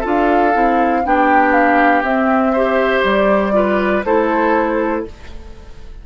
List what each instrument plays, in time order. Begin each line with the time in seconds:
0.00 bassoon D4, clarinet F4, oboe A4
0.07 flute F5
0.53 bassoon C4, clarinet E4
1.05 bassoon B3, clarinet D4, oboe G4, flute G5
1.53 flute F5
2.03 bassoon C4, clarinet C4, flute E5
2.52 clarinet G4, oboe C5
3.04 bassoon G3, flute D5
3.52 clarinet F4, oboe B4
4.04 bassoon A3, clarinet E4, oboe A4, flute C5